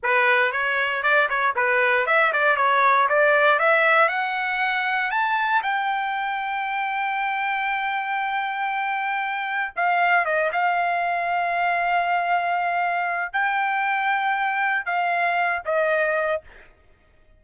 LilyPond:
\new Staff \with { instrumentName = "trumpet" } { \time 4/4 \tempo 4 = 117 b'4 cis''4 d''8 cis''8 b'4 | e''8 d''8 cis''4 d''4 e''4 | fis''2 a''4 g''4~ | g''1~ |
g''2. f''4 | dis''8 f''2.~ f''8~ | f''2 g''2~ | g''4 f''4. dis''4. | }